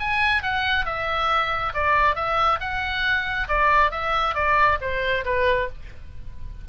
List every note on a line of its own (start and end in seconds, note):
0.00 0.43 G#5
0.43 0.86 F#5
0.86 1.73 E5
1.74 2.16 D5
2.16 2.60 E5
2.61 3.48 F#5
3.49 3.91 D5
3.91 4.35 E5
4.35 4.79 D5
4.81 5.25 C5
5.25 5.69 B4